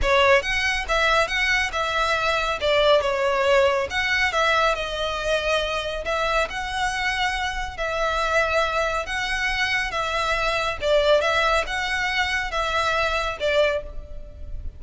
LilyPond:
\new Staff \with { instrumentName = "violin" } { \time 4/4 \tempo 4 = 139 cis''4 fis''4 e''4 fis''4 | e''2 d''4 cis''4~ | cis''4 fis''4 e''4 dis''4~ | dis''2 e''4 fis''4~ |
fis''2 e''2~ | e''4 fis''2 e''4~ | e''4 d''4 e''4 fis''4~ | fis''4 e''2 d''4 | }